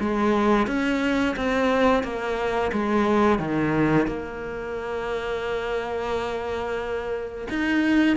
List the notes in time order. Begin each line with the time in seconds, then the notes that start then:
0.00 G#3
0.67 C#4
1.36 C4
2.04 A#3
2.72 G#3
3.39 D#3
4.07 A#3
7.50 D#4